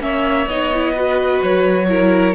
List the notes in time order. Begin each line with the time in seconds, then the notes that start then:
0.00 A#3 C#4 C#5 E5
0.47 B3 D#4 D#5
0.74 E4
0.93 F#4 B4
1.43 F#3 C#5
1.89 E4 A#4